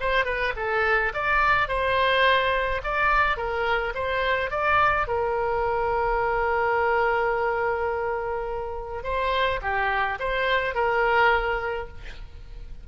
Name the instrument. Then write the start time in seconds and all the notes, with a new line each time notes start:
oboe
0.00 C5
0.25 B4
0.56 A4
1.13 D5
1.68 C5
2.84 D5
3.37 A#4
3.95 C5
4.51 D5
5.07 A#4
9.04 C5
9.62 G4
10.19 C5
10.75 A#4